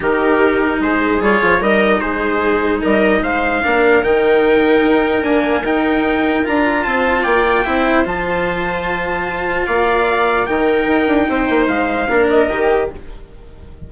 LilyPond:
<<
  \new Staff \with { instrumentName = "trumpet" } { \time 4/4 \tempo 4 = 149 ais'2 c''4 cis''4 | dis''4 c''2 dis''4 | f''2 g''2~ | g''4 gis''4 g''2 |
ais''4 a''4 g''2 | a''1 | f''2 g''2~ | g''4 f''4. dis''4. | }
  \new Staff \with { instrumentName = "viola" } { \time 4/4 g'2 gis'2 | ais'4 gis'2 ais'4 | c''4 ais'2.~ | ais'1~ |
ais'4 c''4 d''4 c''4~ | c''1 | d''2 ais'2 | c''2 ais'2 | }
  \new Staff \with { instrumentName = "cello" } { \time 4/4 dis'2. f'4 | dis'1~ | dis'4 d'4 dis'2~ | dis'4 ais4 dis'2 |
f'2. e'4 | f'1~ | f'2 dis'2~ | dis'2 d'4 g'4 | }
  \new Staff \with { instrumentName = "bassoon" } { \time 4/4 dis2 gis4 g8 f8 | g4 gis2 g4 | gis4 ais4 dis2 | dis'4 d'4 dis'2 |
d'4 c'4 ais4 c'4 | f1 | ais2 dis4 dis'8 d'8 | c'8 ais8 gis4 ais4 dis4 | }
>>